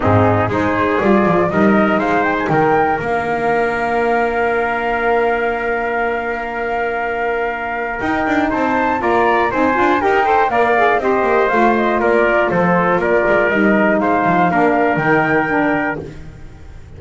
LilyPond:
<<
  \new Staff \with { instrumentName = "flute" } { \time 4/4 \tempo 4 = 120 gis'4 c''4 d''4 dis''4 | f''8 g''16 gis''16 g''4 f''2~ | f''1~ | f''1 |
g''4 a''4 ais''4 gis''4 | g''4 f''4 dis''4 f''8 dis''8 | d''4 c''4 d''4 dis''4 | f''2 g''2 | }
  \new Staff \with { instrumentName = "trumpet" } { \time 4/4 dis'4 gis'2 ais'4 | c''4 ais'2.~ | ais'1~ | ais'1~ |
ais'4 c''4 d''4 c''4 | ais'8 c''8 d''4 c''2 | ais'4 a'4 ais'2 | c''4 ais'2. | }
  \new Staff \with { instrumentName = "saxophone" } { \time 4/4 c'4 dis'4 f'4 dis'4~ | dis'2 d'2~ | d'1~ | d'1 |
dis'2 f'4 dis'8 f'8 | g'8 a'8 ais'8 gis'8 g'4 f'4~ | f'2. dis'4~ | dis'4 d'4 dis'4 d'4 | }
  \new Staff \with { instrumentName = "double bass" } { \time 4/4 gis,4 gis4 g8 f8 g4 | gis4 dis4 ais2~ | ais1~ | ais1 |
dis'8 d'8 c'4 ais4 c'8 d'8 | dis'4 ais4 c'8 ais8 a4 | ais4 f4 ais8 gis8 g4 | gis8 f8 ais4 dis2 | }
>>